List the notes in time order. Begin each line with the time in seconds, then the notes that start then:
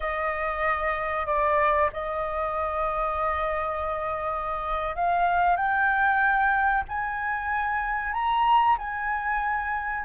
0.00 D#5
1.26 D5
1.93 D#5
4.95 F5
5.56 G5
6.88 G#5
8.13 A#5
8.78 G#5